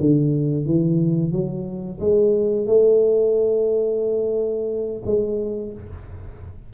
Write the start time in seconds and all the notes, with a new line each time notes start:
0.00 D3
0.66 E3
1.32 F#3
2.00 G#3
2.66 A3
5.05 G#3